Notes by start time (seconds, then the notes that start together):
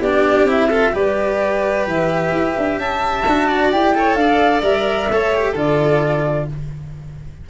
0.00 B3 D4 G4 D5
0.43 C4 E4
0.50 E5
0.69 F4 A4
0.92 G3 G4 B4 D5
1.86 E3 E5
2.31 E4
2.57 D4
2.77 C#4 E5 A5
3.26 D4 F#4
3.47 D5
3.71 E4 G4 G5
3.95 A4 C#5
4.15 D4 D5 F5
4.62 G3 A#4 E5
5.10 A3 A4 C#5
5.34 G4
5.52 D3 F4 A4 D5